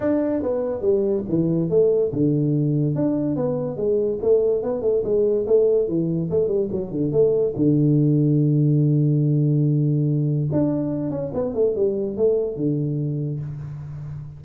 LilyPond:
\new Staff \with { instrumentName = "tuba" } { \time 4/4 \tempo 4 = 143 d'4 b4 g4 e4 | a4 d2 d'4 | b4 gis4 a4 b8 a8 | gis4 a4 e4 a8 g8 |
fis8 d8 a4 d2~ | d1~ | d4 d'4. cis'8 b8 a8 | g4 a4 d2 | }